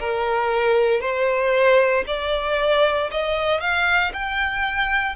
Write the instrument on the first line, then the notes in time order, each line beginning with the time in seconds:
violin
0.00 A#4
1.01 C5
2.07 D5
3.12 D#5
3.61 F5
4.13 G5